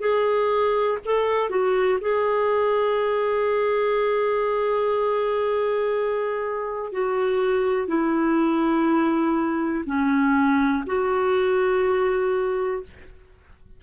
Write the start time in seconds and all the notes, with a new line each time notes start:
0.00 G#4
1.05 A4
1.50 F#4
2.01 G#4
6.92 F#4
7.87 E4
9.86 C#4
10.86 F#4